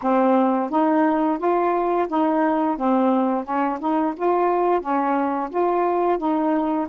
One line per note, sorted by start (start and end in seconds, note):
0.02 0.70 C4
0.70 1.38 D#4
1.38 2.07 F4
2.08 2.77 D#4
2.77 3.44 C4
3.44 3.78 C#4
3.79 4.13 D#4
4.16 4.80 F4
4.80 5.49 C#4
5.50 6.18 F4
6.18 6.87 D#4